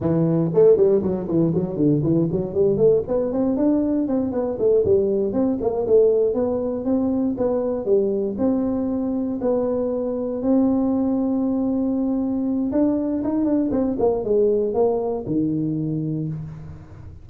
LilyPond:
\new Staff \with { instrumentName = "tuba" } { \time 4/4 \tempo 4 = 118 e4 a8 g8 fis8 e8 fis8 d8 | e8 fis8 g8 a8 b8 c'8 d'4 | c'8 b8 a8 g4 c'8 ais8 a8~ | a8 b4 c'4 b4 g8~ |
g8 c'2 b4.~ | b8 c'2.~ c'8~ | c'4 d'4 dis'8 d'8 c'8 ais8 | gis4 ais4 dis2 | }